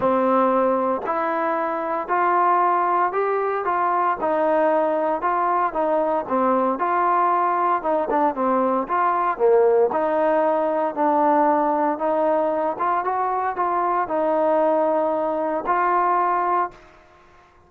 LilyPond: \new Staff \with { instrumentName = "trombone" } { \time 4/4 \tempo 4 = 115 c'2 e'2 | f'2 g'4 f'4 | dis'2 f'4 dis'4 | c'4 f'2 dis'8 d'8 |
c'4 f'4 ais4 dis'4~ | dis'4 d'2 dis'4~ | dis'8 f'8 fis'4 f'4 dis'4~ | dis'2 f'2 | }